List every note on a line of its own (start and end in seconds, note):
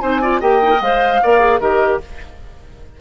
0.00 0.41 C4
0.00 0.21 D#4
0.00 0.21 C5
0.00 0.40 G#5
0.21 0.41 F4
0.21 0.40 D5
0.40 0.81 A#3
0.40 0.61 G4
0.40 1.20 D#5
0.40 0.81 G5
0.62 0.70 D#4
0.70 0.80 A#4
0.81 1.21 G#3
0.81 1.23 C5
0.81 1.60 F5
1.23 1.60 A#3
1.23 1.39 A#4
1.23 1.60 D5
1.39 1.59 G#4
1.60 2.00 D#3
1.60 2.01 G4
1.60 2.00 A#4
1.60 2.00 D#5